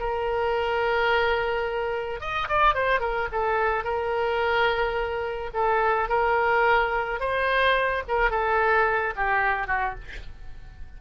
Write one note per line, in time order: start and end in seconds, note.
0.00 2.21 A#4
2.21 2.48 D#5
2.49 2.75 D5
2.75 3.01 C5
3.01 3.28 A#4
3.32 3.84 A4
3.84 5.51 A#4
5.54 6.09 A4
6.09 7.20 A#4
7.20 8.04 C5
8.08 8.31 A#4
8.31 9.14 A4
9.16 9.67 G4
9.67 9.95 F#4